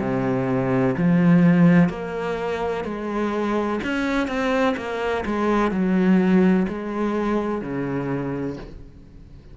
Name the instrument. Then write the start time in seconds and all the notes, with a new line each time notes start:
cello
0.00 C3
0.97 F3
1.89 A#3
2.84 G#3
3.84 C#4
4.28 C4
4.77 A#3
5.26 G#3
5.71 F#3
6.68 G#3
7.61 C#3